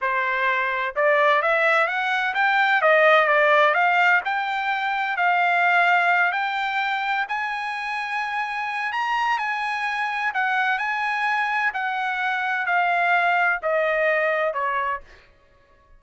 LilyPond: \new Staff \with { instrumentName = "trumpet" } { \time 4/4 \tempo 4 = 128 c''2 d''4 e''4 | fis''4 g''4 dis''4 d''4 | f''4 g''2 f''4~ | f''4. g''2 gis''8~ |
gis''2. ais''4 | gis''2 fis''4 gis''4~ | gis''4 fis''2 f''4~ | f''4 dis''2 cis''4 | }